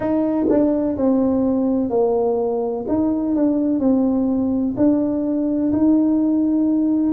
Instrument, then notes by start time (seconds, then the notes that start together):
tuba
0.00 D#4
0.49 D4
0.97 C4
1.90 A#3
2.87 D#4
3.35 D4
3.79 C4
4.76 D4
5.72 D#4